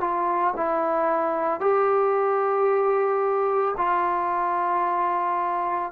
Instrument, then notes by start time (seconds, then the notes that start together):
trombone
0.00 F4
0.56 E4
1.60 G4
3.77 F4